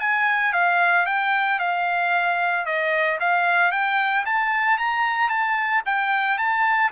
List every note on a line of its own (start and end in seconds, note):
0.00 0.53 G#5
0.53 1.06 F5
1.06 1.59 G5
1.59 2.65 F5
2.65 3.18 D#5
3.20 3.71 F5
3.71 4.25 G5
4.26 4.78 A5
4.78 5.29 A#5
5.29 5.82 A5
5.86 6.38 G5
6.38 6.91 A5